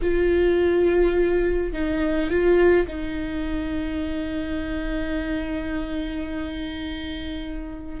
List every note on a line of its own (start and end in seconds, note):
0.01 1.72 F4
1.72 2.29 D#4
2.29 2.86 F4
2.87 8.00 D#4